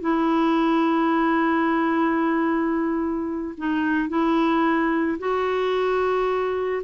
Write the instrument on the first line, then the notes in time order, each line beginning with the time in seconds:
clarinet
0.00 E4
3.57 D#4
4.09 E4
5.18 F#4